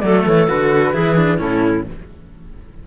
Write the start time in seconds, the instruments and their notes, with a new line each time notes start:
0.00 cello F#3 A3, clarinet A4, flute D5
0.27 cello E3, flute C#5
0.47 cello D3 F#4, flute B4
0.93 cello E3 E4, clarinet G#4
1.16 cello D4
1.38 cello A2 C#4, clarinet E4, flute A4